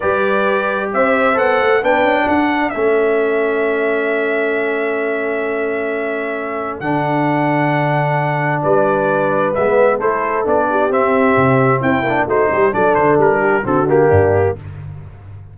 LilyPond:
<<
  \new Staff \with { instrumentName = "trumpet" } { \time 4/4 \tempo 4 = 132 d''2 e''4 fis''4 | g''4 fis''4 e''2~ | e''1~ | e''2. fis''4~ |
fis''2. d''4~ | d''4 e''4 c''4 d''4 | e''2 g''4 c''4 | d''8 c''8 ais'4 a'8 g'4. | }
  \new Staff \with { instrumentName = "horn" } { \time 4/4 b'2 c''2 | b'4 a'2.~ | a'1~ | a'1~ |
a'2. b'4~ | b'2 a'4. g'8~ | g'2 e'4 fis'8 g'8 | a'4. g'8 fis'4 d'4 | }
  \new Staff \with { instrumentName = "trombone" } { \time 4/4 g'2. a'4 | d'2 cis'2~ | cis'1~ | cis'2. d'4~ |
d'1~ | d'4 b4 e'4 d'4 | c'2~ c'8 d'8 dis'4 | d'2 c'8 ais4. | }
  \new Staff \with { instrumentName = "tuba" } { \time 4/4 g2 c'4 b8 a8 | b8 cis'8 d'4 a2~ | a1~ | a2. d4~ |
d2. g4~ | g4 gis4 a4 b4 | c'4 c4 c'8 ais8 a8 g8 | fis8 d8 g4 d4 g,4 | }
>>